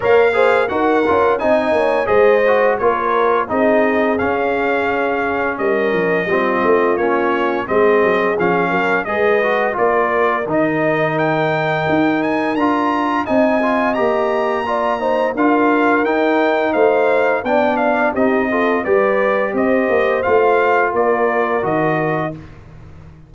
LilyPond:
<<
  \new Staff \with { instrumentName = "trumpet" } { \time 4/4 \tempo 4 = 86 f''4 fis''4 gis''4 dis''4 | cis''4 dis''4 f''2 | dis''2 cis''4 dis''4 | f''4 dis''4 d''4 dis''4 |
g''4. gis''8 ais''4 gis''4 | ais''2 f''4 g''4 | f''4 g''8 f''8 dis''4 d''4 | dis''4 f''4 d''4 dis''4 | }
  \new Staff \with { instrumentName = "horn" } { \time 4/4 cis''8 c''8 ais'4 dis''8 cis''8 c''4 | ais'4 gis'2. | ais'4 f'2 gis'4~ | gis'8 ais'8 b'4 ais'2~ |
ais'2. dis''4~ | dis''4 d''8 c''8 ais'2 | c''4 d''4 g'8 a'8 b'4 | c''2 ais'2 | }
  \new Staff \with { instrumentName = "trombone" } { \time 4/4 ais'8 gis'8 fis'8 f'8 dis'4 gis'8 fis'8 | f'4 dis'4 cis'2~ | cis'4 c'4 cis'4 c'4 | cis'4 gis'8 fis'8 f'4 dis'4~ |
dis'2 f'4 dis'8 f'8 | g'4 f'8 dis'8 f'4 dis'4~ | dis'4 d'4 dis'8 f'8 g'4~ | g'4 f'2 fis'4 | }
  \new Staff \with { instrumentName = "tuba" } { \time 4/4 ais4 dis'8 cis'8 c'8 ais8 gis4 | ais4 c'4 cis'2 | g8 f8 g8 a8 ais4 gis8 fis8 | f8 fis8 gis4 ais4 dis4~ |
dis4 dis'4 d'4 c'4 | ais2 d'4 dis'4 | a4 b4 c'4 g4 | c'8 ais8 a4 ais4 dis4 | }
>>